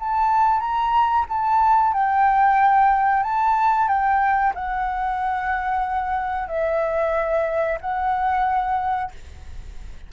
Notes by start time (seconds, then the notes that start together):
0.00 A5
0.60 A#5
1.29 A5
1.94 G5
3.23 A5
3.88 G5
4.55 F#5
6.48 E5
7.81 F#5